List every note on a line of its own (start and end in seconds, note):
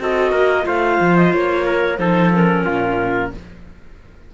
0.00 0.33 C4
0.00 0.63 F#4
0.00 0.32 A4
0.00 0.67 D#5
0.32 0.66 A#3
0.32 0.65 A#4
0.63 1.00 A3
0.63 1.96 F4
0.63 1.66 C5
0.63 1.17 F5
1.01 1.33 F3
1.17 1.33 D#5
1.33 1.99 A#3
1.33 1.98 C#5
1.66 1.99 A#4
1.98 2.65 F3
1.98 2.33 D#4
1.98 2.65 A4
1.98 2.31 C5
2.34 3.34 C#4
2.34 3.34 A#4
2.65 3.34 A#2
2.65 3.32 F4